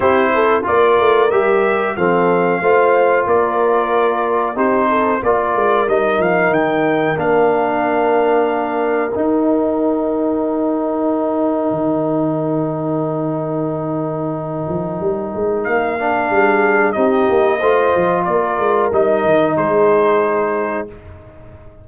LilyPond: <<
  \new Staff \with { instrumentName = "trumpet" } { \time 4/4 \tempo 4 = 92 c''4 d''4 e''4 f''4~ | f''4 d''2 c''4 | d''4 dis''8 f''8 g''4 f''4~ | f''2 g''2~ |
g''1~ | g''1 | f''2 dis''2 | d''4 dis''4 c''2 | }
  \new Staff \with { instrumentName = "horn" } { \time 4/4 g'8 a'8 ais'2 a'4 | c''4 ais'2 g'8 a'8 | ais'1~ | ais'1~ |
ais'1~ | ais'1~ | ais'4 gis'4 g'4 c''4 | ais'2 gis'2 | }
  \new Staff \with { instrumentName = "trombone" } { \time 4/4 e'4 f'4 g'4 c'4 | f'2. dis'4 | f'4 dis'2 d'4~ | d'2 dis'2~ |
dis'1~ | dis'1~ | dis'8 d'4. dis'4 f'4~ | f'4 dis'2. | }
  \new Staff \with { instrumentName = "tuba" } { \time 4/4 c'4 ais8 a8 g4 f4 | a4 ais2 c'4 | ais8 gis8 g8 f8 dis4 ais4~ | ais2 dis'2~ |
dis'2 dis2~ | dis2~ dis8 f8 g8 gis8 | ais4 g4 c'8 ais8 a8 f8 | ais8 gis8 g8 dis8 gis2 | }
>>